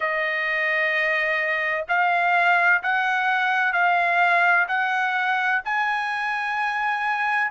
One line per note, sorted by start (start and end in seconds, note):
0.00 1.85 D#5
1.88 2.82 F5
2.82 3.72 F#5
3.72 4.66 F5
4.68 5.62 F#5
5.65 7.50 G#5